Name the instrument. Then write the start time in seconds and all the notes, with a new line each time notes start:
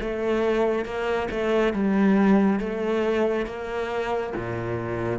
cello
0.00 A3
0.85 A#3
1.30 A3
1.73 G3
2.59 A3
3.46 A#3
4.36 A#2